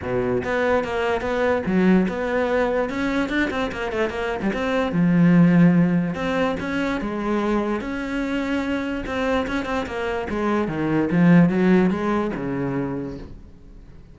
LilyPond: \new Staff \with { instrumentName = "cello" } { \time 4/4 \tempo 4 = 146 b,4 b4 ais4 b4 | fis4 b2 cis'4 | d'8 c'8 ais8 a8 ais8. g16 c'4 | f2. c'4 |
cis'4 gis2 cis'4~ | cis'2 c'4 cis'8 c'8 | ais4 gis4 dis4 f4 | fis4 gis4 cis2 | }